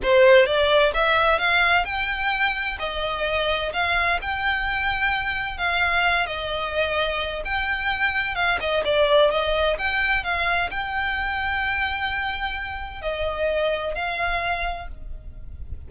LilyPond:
\new Staff \with { instrumentName = "violin" } { \time 4/4 \tempo 4 = 129 c''4 d''4 e''4 f''4 | g''2 dis''2 | f''4 g''2. | f''4. dis''2~ dis''8 |
g''2 f''8 dis''8 d''4 | dis''4 g''4 f''4 g''4~ | g''1 | dis''2 f''2 | }